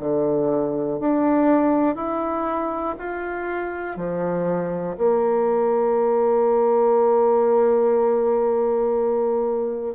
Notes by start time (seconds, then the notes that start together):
0.00 D3
1.00 D4
1.95 E4
2.98 F4
3.96 F3
4.97 A#3